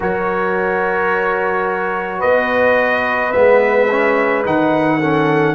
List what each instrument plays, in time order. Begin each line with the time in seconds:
0.00 tuba F#3, trombone F#4, horn A#4, trumpet C#5
2.19 tuba B3, horn B4, trumpet D#5
3.31 tuba G#3, trombone B3, trumpet E5
3.90 trombone C#4
4.44 tuba D#3, trombone D#4, trumpet F#5
4.99 trombone C#4, horn A4